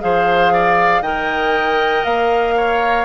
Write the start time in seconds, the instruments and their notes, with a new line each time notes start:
0.00 bassoon F3, clarinet G#4, oboe C5, flute F5
0.53 oboe D5
1.01 bassoon D#3, clarinet A#4, oboe D#5, flute G5
2.04 bassoon A#3, flute F5
2.56 oboe C#5